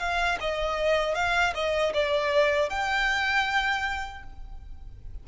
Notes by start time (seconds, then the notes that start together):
0.00 F5
0.41 D#5
1.15 F5
1.55 D#5
1.94 D5
2.70 G5